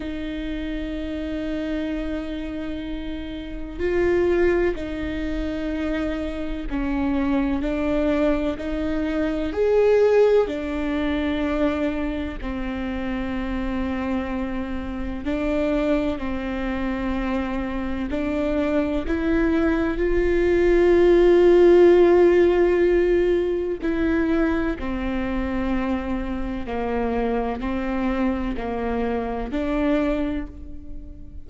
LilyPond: \new Staff \with { instrumentName = "viola" } { \time 4/4 \tempo 4 = 63 dis'1 | f'4 dis'2 cis'4 | d'4 dis'4 gis'4 d'4~ | d'4 c'2. |
d'4 c'2 d'4 | e'4 f'2.~ | f'4 e'4 c'2 | ais4 c'4 ais4 d'4 | }